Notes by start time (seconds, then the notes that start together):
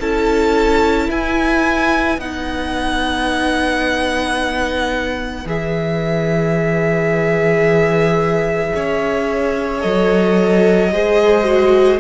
0.00 C#4 E4 A4 A5
1.08 E4 B4 G#5
2.18 B3 D#4 F#5
5.45 E3 G#4 E5
8.75 C#4 C#5
9.81 F#3 A4 D#5
10.92 G#3 G#4 C5
11.43 F#4